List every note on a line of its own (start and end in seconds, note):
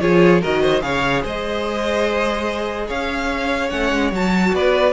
0.00 0.43 F3
0.00 0.41 F4
0.00 0.41 G#4
0.00 0.41 C#5
0.41 0.83 D#3
0.41 0.81 F#4
0.41 0.62 A#4
0.41 0.81 D#5
0.62 0.82 C5
0.81 1.24 C#3
0.81 3.68 G#4
0.81 1.22 C#5
0.81 1.23 F5
1.22 2.89 G#3
1.22 2.87 C5
1.22 2.89 D#5
2.87 3.71 C#4
2.87 4.52 C#5
2.87 3.69 F5
3.69 3.92 A3
3.69 4.12 C#4
3.69 4.11 F#5
3.92 4.11 G#3
4.11 4.53 F#3
4.11 4.93 F#4
4.11 4.55 A5
4.53 4.93 B3
4.53 4.93 B4
4.53 4.93 D5